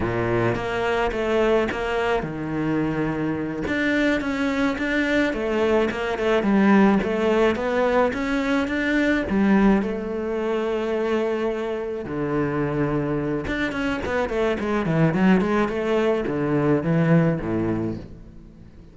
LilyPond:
\new Staff \with { instrumentName = "cello" } { \time 4/4 \tempo 4 = 107 ais,4 ais4 a4 ais4 | dis2~ dis8 d'4 cis'8~ | cis'8 d'4 a4 ais8 a8 g8~ | g8 a4 b4 cis'4 d'8~ |
d'8 g4 a2~ a8~ | a4. d2~ d8 | d'8 cis'8 b8 a8 gis8 e8 fis8 gis8 | a4 d4 e4 a,4 | }